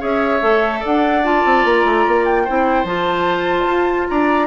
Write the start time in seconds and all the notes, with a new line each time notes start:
0.00 C#4 G#4 C#5 E5
0.41 A3 A4
0.81 D4 D5 F#5
1.24 F4 A5
1.46 C4
1.65 A#3 A#5
1.86 A3
2.08 A#3
2.26 G5
2.45 C4 E4 C5
2.84 F3 F4 A5
3.66 F4
4.09 D4 D5 A#5